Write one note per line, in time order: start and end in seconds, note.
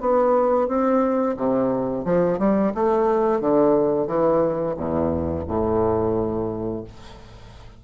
0.00 0.68 B3
0.68 1.36 C4
1.36 2.04 C3
2.04 2.38 F3
2.38 2.72 G3
2.74 3.40 A3
3.40 4.07 D3
4.07 4.75 E3
4.76 5.45 E2
5.47 6.84 A2